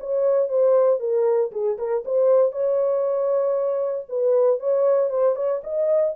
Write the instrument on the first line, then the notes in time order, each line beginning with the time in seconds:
horn
0.00 C#5
0.49 C5
1.00 A#4
1.52 G#4
1.78 A#4
2.05 C5
2.52 C#5
4.08 B4
4.59 C#5
5.10 C5
5.35 C#5
5.63 D#5